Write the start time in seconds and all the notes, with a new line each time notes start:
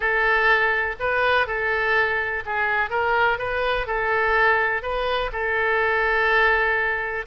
0.00 A4
0.99 B4
1.46 A4
2.45 G#4
2.90 A#4
3.38 B4
3.86 A4
4.82 B4
5.32 A4